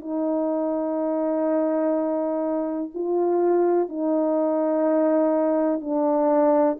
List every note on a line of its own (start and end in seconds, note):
0.00 2.90 D#4
2.95 3.89 F4
3.89 5.81 D#4
5.81 6.78 D4